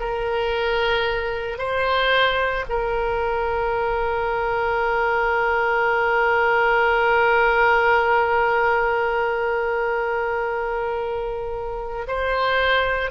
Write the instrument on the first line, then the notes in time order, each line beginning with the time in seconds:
oboe
0.00 A#4
1.58 C5
2.69 A#4
12.07 C5